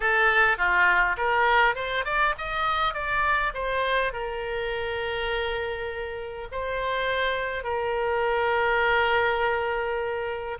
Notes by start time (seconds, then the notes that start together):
0.00 A4
0.57 F4
1.17 A#4
1.75 C5
2.04 D5
2.38 D#5
2.94 D5
3.53 C5
4.13 A#4
6.51 C5
7.63 A#4